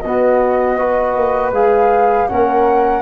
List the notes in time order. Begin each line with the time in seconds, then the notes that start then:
0.00 B3 F#4 D#5
0.78 F#4 B4
1.15 A#3
1.51 G#3 G#4 F5
2.27 A#3 C#4 A#4 F#5